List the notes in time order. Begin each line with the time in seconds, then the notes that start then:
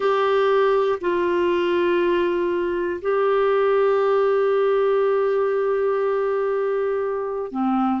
0.00 G4
1.00 F4
3.01 G4
7.51 C4